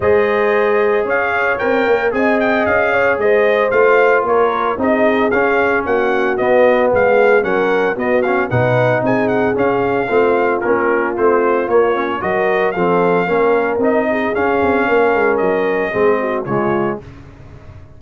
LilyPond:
<<
  \new Staff \with { instrumentName = "trumpet" } { \time 4/4 \tempo 4 = 113 dis''2 f''4 g''4 | gis''8 g''8 f''4 dis''4 f''4 | cis''4 dis''4 f''4 fis''4 | dis''4 f''4 fis''4 dis''8 f''8 |
fis''4 gis''8 fis''8 f''2 | ais'4 c''4 cis''4 dis''4 | f''2 dis''4 f''4~ | f''4 dis''2 cis''4 | }
  \new Staff \with { instrumentName = "horn" } { \time 4/4 c''2 cis''2 | dis''4. cis''8 c''2 | ais'4 gis'2 fis'4~ | fis'4 gis'4 ais'4 fis'4 |
b'4 gis'2 f'4~ | f'2. ais'4 | a'4 ais'4. gis'4. | ais'2 gis'8 fis'8 f'4 | }
  \new Staff \with { instrumentName = "trombone" } { \time 4/4 gis'2. ais'4 | gis'2. f'4~ | f'4 dis'4 cis'2 | b2 cis'4 b8 cis'8 |
dis'2 cis'4 c'4 | cis'4 c'4 ais8 cis'8 fis'4 | c'4 cis'4 dis'4 cis'4~ | cis'2 c'4 gis4 | }
  \new Staff \with { instrumentName = "tuba" } { \time 4/4 gis2 cis'4 c'8 ais8 | c'4 cis'4 gis4 a4 | ais4 c'4 cis'4 ais4 | b4 gis4 fis4 b4 |
b,4 c'4 cis'4 a4 | ais4 a4 ais4 fis4 | f4 ais4 c'4 cis'8 c'8 | ais8 gis8 fis4 gis4 cis4 | }
>>